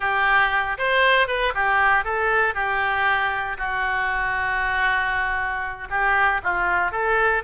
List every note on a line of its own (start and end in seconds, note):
0.00 0.77 G4
0.78 1.27 C5
1.27 1.53 B4
1.54 2.04 G4
2.04 2.54 A4
2.54 3.57 G4
3.57 5.88 F#4
5.90 6.41 G4
6.43 6.91 F4
6.91 7.42 A4